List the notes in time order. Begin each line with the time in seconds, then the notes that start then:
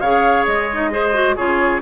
0.00 C#3 G#4 C#5 F5
0.46 G#3 D#5
0.73 D#4
0.91 G#4 C5
1.13 F#4
1.36 C#3 F4 G#4 C#5